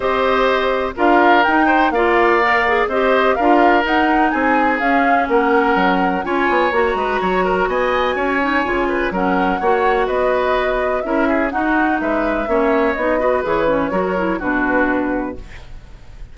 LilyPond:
<<
  \new Staff \with { instrumentName = "flute" } { \time 4/4 \tempo 4 = 125 dis''2 f''4 g''4 | f''2 dis''4 f''4 | fis''4 gis''4 f''4 fis''4~ | fis''4 gis''4 ais''2 |
gis''2. fis''4~ | fis''4 dis''2 e''4 | fis''4 e''2 dis''4 | cis''2 b'2 | }
  \new Staff \with { instrumentName = "oboe" } { \time 4/4 c''2 ais'4. c''8 | d''2 c''4 ais'4~ | ais'4 gis'2 ais'4~ | ais'4 cis''4. b'8 cis''8 ais'8 |
dis''4 cis''4. b'8 ais'4 | cis''4 b'2 ais'8 gis'8 | fis'4 b'4 cis''4. b'8~ | b'4 ais'4 fis'2 | }
  \new Staff \with { instrumentName = "clarinet" } { \time 4/4 g'2 f'4 dis'4 | f'4 ais'8 gis'8 g'4 f'4 | dis'2 cis'2~ | cis'4 f'4 fis'2~ |
fis'4. dis'8 f'4 cis'4 | fis'2. e'4 | dis'2 cis'4 dis'8 fis'8 | gis'8 cis'8 fis'8 e'8 d'2 | }
  \new Staff \with { instrumentName = "bassoon" } { \time 4/4 c'2 d'4 dis'4 | ais2 c'4 d'4 | dis'4 c'4 cis'4 ais4 | fis4 cis'8 b8 ais8 gis8 fis4 |
b4 cis'4 cis4 fis4 | ais4 b2 cis'4 | dis'4 gis4 ais4 b4 | e4 fis4 b,2 | }
>>